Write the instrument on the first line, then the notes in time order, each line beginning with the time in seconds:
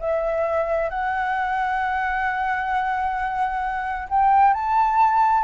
flute
0.00 E5
0.90 F#5
4.09 G5
4.54 A5